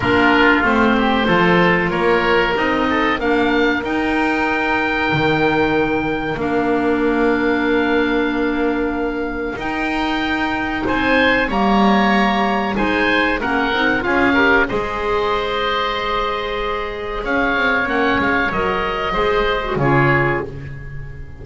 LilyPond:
<<
  \new Staff \with { instrumentName = "oboe" } { \time 4/4 \tempo 4 = 94 ais'4 c''2 cis''4 | dis''4 f''4 g''2~ | g''2 f''2~ | f''2. g''4~ |
g''4 gis''4 ais''2 | gis''4 fis''4 f''4 dis''4~ | dis''2. f''4 | fis''8 f''8 dis''2 cis''4 | }
  \new Staff \with { instrumentName = "oboe" } { \time 4/4 f'4. g'8 a'4 ais'4~ | ais'8 a'8 ais'2.~ | ais'1~ | ais'1~ |
ais'4 c''4 cis''2 | c''4 ais'4 gis'8 ais'8 c''4~ | c''2. cis''4~ | cis''2 c''4 gis'4 | }
  \new Staff \with { instrumentName = "clarinet" } { \time 4/4 d'4 c'4 f'2 | dis'4 d'4 dis'2~ | dis'2 d'2~ | d'2. dis'4~ |
dis'2 ais2 | dis'4 cis'8 dis'8 f'8 g'8 gis'4~ | gis'1 | cis'4 ais'4 gis'8. fis'16 f'4 | }
  \new Staff \with { instrumentName = "double bass" } { \time 4/4 ais4 a4 f4 ais4 | c'4 ais4 dis'2 | dis2 ais2~ | ais2. dis'4~ |
dis'4 c'4 g2 | gis4 ais8 c'8 cis'4 gis4~ | gis2. cis'8 c'8 | ais8 gis8 fis4 gis4 cis4 | }
>>